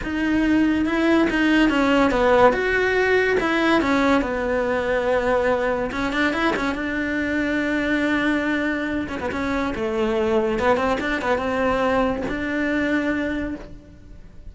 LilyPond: \new Staff \with { instrumentName = "cello" } { \time 4/4 \tempo 4 = 142 dis'2 e'4 dis'4 | cis'4 b4 fis'2 | e'4 cis'4 b2~ | b2 cis'8 d'8 e'8 cis'8 |
d'1~ | d'4. cis'16 b16 cis'4 a4~ | a4 b8 c'8 d'8 b8 c'4~ | c'4 d'2. | }